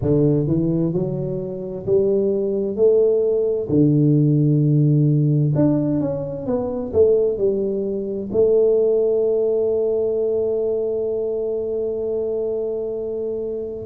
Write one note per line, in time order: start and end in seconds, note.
0.01 0.47 D3
0.47 0.93 E3
0.93 1.85 F#3
1.85 2.76 G3
2.76 3.68 A3
3.68 5.53 D3
5.55 6.00 D4
6.00 6.46 C#4
6.46 6.92 B3
6.93 7.37 A3
7.37 8.30 G3
8.32 13.85 A3